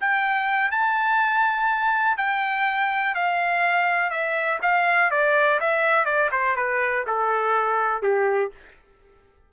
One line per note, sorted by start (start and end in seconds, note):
0.00 0.71 G5
0.71 2.17 A5
2.17 3.15 G5
3.15 4.10 F5
4.10 4.59 E5
4.62 5.10 F5
5.11 5.59 D5
5.60 6.05 E5
6.05 6.29 D5
6.31 6.56 C5
6.56 7.04 B4
7.07 8.02 A4
8.02 8.51 G4